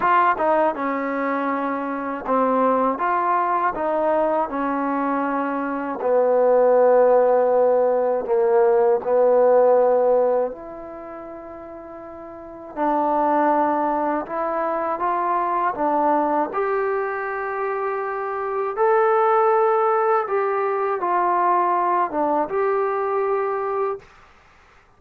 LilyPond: \new Staff \with { instrumentName = "trombone" } { \time 4/4 \tempo 4 = 80 f'8 dis'8 cis'2 c'4 | f'4 dis'4 cis'2 | b2. ais4 | b2 e'2~ |
e'4 d'2 e'4 | f'4 d'4 g'2~ | g'4 a'2 g'4 | f'4. d'8 g'2 | }